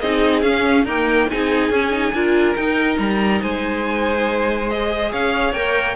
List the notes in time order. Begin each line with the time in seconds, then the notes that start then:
0.00 C4 D#4 G#4 D#5
0.41 C#4 F5
0.84 A#3 D#4 A#4 G5
1.29 C4 D#4 G#4 G#5
1.70 C#4
1.91 D#4
2.12 D4 F4 A#4
2.55 D#4 G5
2.98 G3 A#5
3.41 G#3 C5 G#5
4.69 G#4 D#5
5.11 C#4 C#5 F5
5.52 A#3 A#4 G5